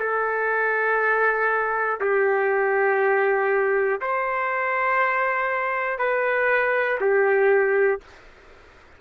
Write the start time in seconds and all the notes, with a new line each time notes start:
0.00 A4
2.01 G4
4.01 C5
5.99 B4
7.01 G4